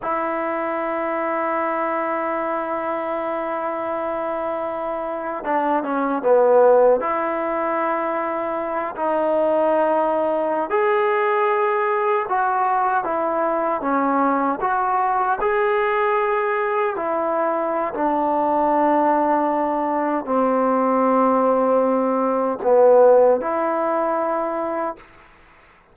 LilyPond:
\new Staff \with { instrumentName = "trombone" } { \time 4/4 \tempo 4 = 77 e'1~ | e'2. d'8 cis'8 | b4 e'2~ e'8 dis'8~ | dis'4.~ dis'16 gis'2 fis'16~ |
fis'8. e'4 cis'4 fis'4 gis'16~ | gis'4.~ gis'16 e'4~ e'16 d'4~ | d'2 c'2~ | c'4 b4 e'2 | }